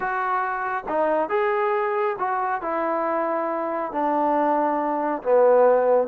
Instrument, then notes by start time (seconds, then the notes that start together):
trombone
0.00 F#4
0.88 D#4
1.29 G#4
2.19 F#4
2.61 E4
3.92 D4
5.22 B3